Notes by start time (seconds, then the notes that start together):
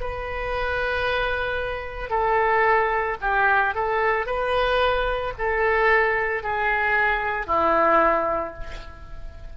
0.00 B4
2.09 A4
3.20 G4
3.75 A4
4.26 B4
5.38 A4
6.43 G#4
7.46 E4